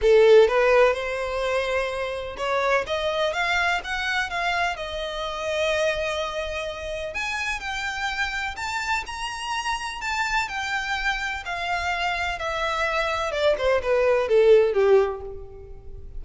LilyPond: \new Staff \with { instrumentName = "violin" } { \time 4/4 \tempo 4 = 126 a'4 b'4 c''2~ | c''4 cis''4 dis''4 f''4 | fis''4 f''4 dis''2~ | dis''2. gis''4 |
g''2 a''4 ais''4~ | ais''4 a''4 g''2 | f''2 e''2 | d''8 c''8 b'4 a'4 g'4 | }